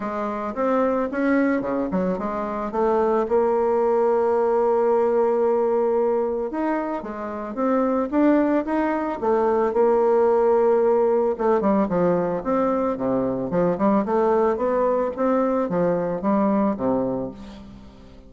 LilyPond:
\new Staff \with { instrumentName = "bassoon" } { \time 4/4 \tempo 4 = 111 gis4 c'4 cis'4 cis8 fis8 | gis4 a4 ais2~ | ais1 | dis'4 gis4 c'4 d'4 |
dis'4 a4 ais2~ | ais4 a8 g8 f4 c'4 | c4 f8 g8 a4 b4 | c'4 f4 g4 c4 | }